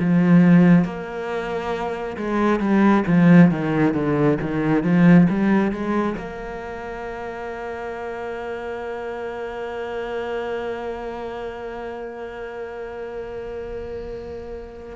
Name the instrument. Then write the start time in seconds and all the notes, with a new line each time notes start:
cello
0.00 F3
0.85 A#3
2.17 G#3
2.60 G3
3.07 F3
3.51 D#3
3.94 D3
4.41 D#3
4.84 F3
5.29 G3
5.72 G#3
6.18 A#3